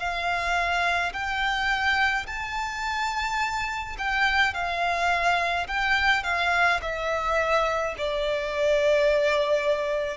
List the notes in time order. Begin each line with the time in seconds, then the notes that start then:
0.00 F5
1.13 G5
2.27 A5
3.99 G5
4.54 F5
5.68 G5
6.24 F5
6.82 E5
7.98 D5